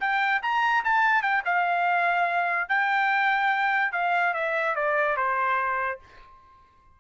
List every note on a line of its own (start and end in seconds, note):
0.00 0.41 G5
0.42 0.84 A#5
0.84 1.22 A5
1.22 1.43 G5
1.45 2.69 F5
2.69 3.92 G5
3.92 4.34 F5
4.34 4.75 E5
4.75 5.16 D5
5.16 5.99 C5